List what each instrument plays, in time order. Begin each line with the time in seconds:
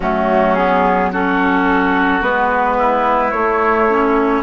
0.00 bassoon F#3, clarinet A3, oboe C#4, flute F#4
0.54 clarinet B3, flute G#4
1.12 clarinet C#4, oboe F#4, flute A4
2.21 bassoon G#3, clarinet B3, flute B4
2.77 oboe E4
3.31 bassoon A3, clarinet A3, flute C#5
3.89 clarinet C#4